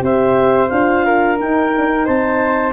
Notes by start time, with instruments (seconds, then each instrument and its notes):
0.00 tuba C4, horn G4, flute C5, clarinet E5
0.69 tuba D4, horn F4, clarinet F5
1.06 flute A#4
1.38 horn D#4, tuba D#4, clarinet G5
1.76 horn D4
1.87 horn D#4
2.05 tuba C4, flute C5, clarinet A5